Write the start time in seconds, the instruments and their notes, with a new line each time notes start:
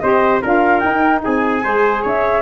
0.00 tuba C4, saxophone G4, trumpet C5, flute D#5
0.42 tuba D4, saxophone F4, trumpet A#4, flute F5
0.80 saxophone D#4, tuba D#4, flute G5
1.24 tuba C4, trumpet G#4, flute G#5
1.64 tuba G#3, saxophone G#4, trumpet C5
2.02 tuba C#4, trumpet C#5, flute E5